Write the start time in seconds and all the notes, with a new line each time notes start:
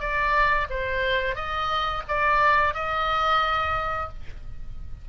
0.00 D5
0.70 C5
1.35 D#5
2.08 D5
2.75 D#5